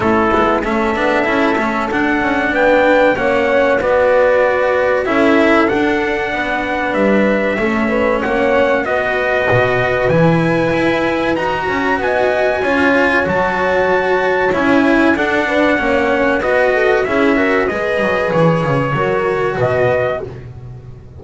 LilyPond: <<
  \new Staff \with { instrumentName = "trumpet" } { \time 4/4 \tempo 4 = 95 a'4 e''2 fis''4 | g''4 fis''4 d''2 | e''4 fis''2 e''4~ | e''4 fis''4 dis''2 |
gis''2 ais''4 gis''4~ | gis''4 a''2 gis''4 | fis''2 dis''4 e''4 | dis''4 cis''2 dis''4 | }
  \new Staff \with { instrumentName = "horn" } { \time 4/4 e'4 a'2. | b'4 cis''4 b'2 | a'2 b'2 | a'8 b'8 cis''4 b'2~ |
b'2~ b'8 cis''8 dis''4 | cis''1 | a'8 b'8 cis''4 b'8 a'8 gis'8 ais'8 | b'2 ais'4 b'4 | }
  \new Staff \with { instrumentName = "cello" } { \time 4/4 cis'8 b8 cis'8 d'8 e'8 cis'8 d'4~ | d'4 cis'4 fis'2 | e'4 d'2. | cis'2 fis'2 |
e'2 fis'2 | f'4 fis'2 e'4 | d'4 cis'4 fis'4 e'8 fis'8 | gis'2 fis'2 | }
  \new Staff \with { instrumentName = "double bass" } { \time 4/4 a8 gis8 a8 b8 cis'8 a8 d'8 cis'8 | b4 ais4 b2 | cis'4 d'4 b4 g4 | a4 ais4 b4 b,4 |
e4 e'4 dis'8 cis'8 b4 | cis'4 fis2 cis'4 | d'4 ais4 b4 cis'4 | gis8 fis8 e8 cis8 fis4 b,4 | }
>>